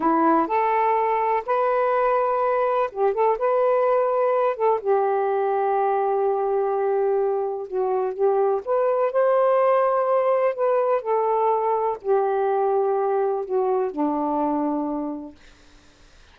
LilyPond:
\new Staff \with { instrumentName = "saxophone" } { \time 4/4 \tempo 4 = 125 e'4 a'2 b'4~ | b'2 g'8 a'8 b'4~ | b'4. a'8 g'2~ | g'1 |
fis'4 g'4 b'4 c''4~ | c''2 b'4 a'4~ | a'4 g'2. | fis'4 d'2. | }